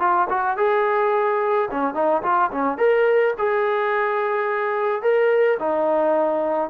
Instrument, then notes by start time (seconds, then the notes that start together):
trombone
0.00 F4
0.30 F#4
0.57 G#4
1.71 C#4
1.94 D#4
2.23 F4
2.51 C#4
2.78 A#4
3.38 G#4
5.02 A#4
5.59 D#4